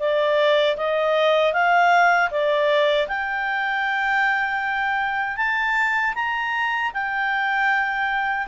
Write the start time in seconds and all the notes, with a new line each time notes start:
0.00 D5
0.77 D#5
1.53 F5
2.31 D5
3.08 G5
5.37 A5
6.15 A#5
6.94 G5